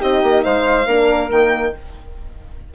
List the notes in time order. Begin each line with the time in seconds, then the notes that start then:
0.00 C4 D#4 G4 D#5
0.23 A#3
0.44 G#3 C5 F5
0.87 A#3 D4 A#4
1.31 D#3 A#3 G5